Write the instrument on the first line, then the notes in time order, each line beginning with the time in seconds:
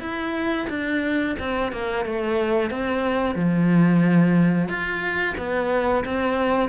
cello
0.00 E4
0.69 D4
1.39 C4
1.72 A#3
2.05 A3
2.70 C4
3.35 F3
4.68 F4
5.38 B3
6.05 C4